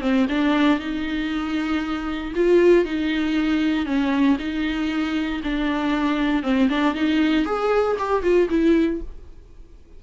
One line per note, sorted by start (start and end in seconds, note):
0.00 0.26 C4
0.28 0.79 D4
0.79 2.33 D#4
2.35 2.85 F4
2.85 3.85 D#4
3.85 4.37 C#4
4.38 5.41 D#4
5.43 6.42 D4
6.42 6.68 C4
6.69 6.94 D4
6.94 7.45 D#4
7.45 7.96 G#4
7.98 8.22 G4
8.22 8.48 F4
8.49 9.00 E4